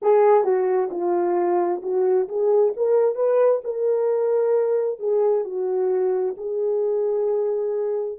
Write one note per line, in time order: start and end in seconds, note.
0.02 0.44 G#4
0.44 0.89 F#4
0.90 1.81 F4
1.82 2.28 F#4
2.28 2.73 G#4
2.76 3.15 A#4
3.15 3.60 B4
3.64 4.99 A#4
4.99 5.44 G#4
5.44 6.35 F#4
6.37 8.18 G#4